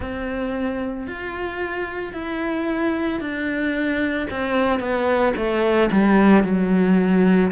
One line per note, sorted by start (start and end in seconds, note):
0.00 1.07 C4
1.07 2.13 F4
2.13 3.20 E4
3.20 4.27 D4
4.30 4.79 C4
4.79 5.33 B3
5.36 5.90 A3
5.91 6.43 G3
6.43 7.50 F#3